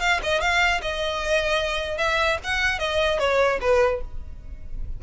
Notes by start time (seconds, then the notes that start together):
0.00 F5
0.23 D#5
0.41 F5
0.81 D#5
1.98 E5
2.44 F#5
2.79 D#5
3.19 C#5
3.61 B4